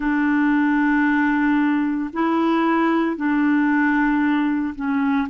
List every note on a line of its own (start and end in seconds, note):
0.00 2.10 D4
2.13 3.16 E4
3.16 4.74 D4
4.75 5.27 C#4